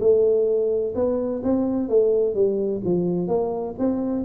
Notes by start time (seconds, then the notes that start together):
0.00 A3
0.95 B3
1.43 C4
1.89 A3
2.34 G3
2.84 F3
3.28 A#3
3.79 C4